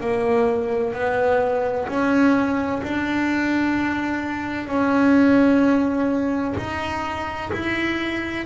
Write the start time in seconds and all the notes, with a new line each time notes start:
0.00 A#3
0.93 B3
1.87 C#4
2.83 D4
4.67 C#4
6.57 D#4
7.53 E4